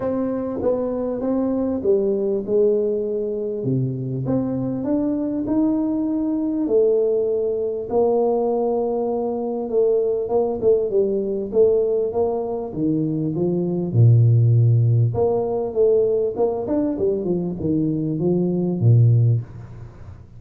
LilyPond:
\new Staff \with { instrumentName = "tuba" } { \time 4/4 \tempo 4 = 99 c'4 b4 c'4 g4 | gis2 c4 c'4 | d'4 dis'2 a4~ | a4 ais2. |
a4 ais8 a8 g4 a4 | ais4 dis4 f4 ais,4~ | ais,4 ais4 a4 ais8 d'8 | g8 f8 dis4 f4 ais,4 | }